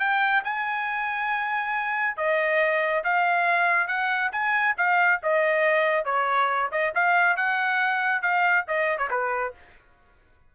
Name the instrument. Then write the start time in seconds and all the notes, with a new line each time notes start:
trumpet
0.00 G5
0.44 G#5
2.17 D#5
3.04 F5
3.88 F#5
4.32 G#5
4.78 F5
5.23 D#5
6.05 C#5
6.72 D#5
6.95 F5
7.37 F#5
8.22 F5
8.68 D#5
8.98 C#5
9.11 B4